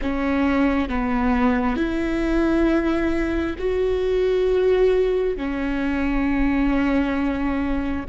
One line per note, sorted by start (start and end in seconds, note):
0.01 0.88 C#4
0.88 1.76 B3
1.76 3.55 E4
3.58 5.36 F#4
5.36 8.05 C#4